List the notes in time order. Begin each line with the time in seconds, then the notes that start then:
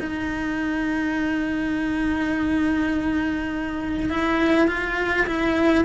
0.00 D#4
4.10 E4
4.68 F4
5.27 E4